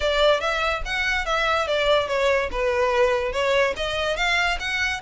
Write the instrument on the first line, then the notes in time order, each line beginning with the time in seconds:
violin
0.00 D5
0.40 E5
0.85 F#5
1.25 E5
1.67 D5
2.07 C#5
2.51 B4
3.32 C#5
3.76 D#5
4.16 F5
4.59 F#5